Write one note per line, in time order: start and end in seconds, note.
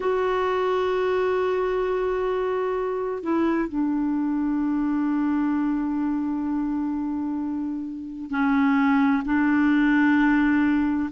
0.00 3.22 F#4
3.22 3.68 E4
3.68 8.30 D4
8.30 9.22 C#4
9.25 11.09 D4